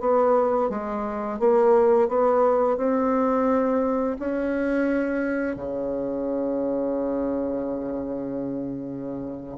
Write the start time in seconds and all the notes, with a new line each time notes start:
0.00 B3
0.70 G#3
1.39 A#3
2.09 B3
2.77 C4
4.19 C#4
5.56 C#3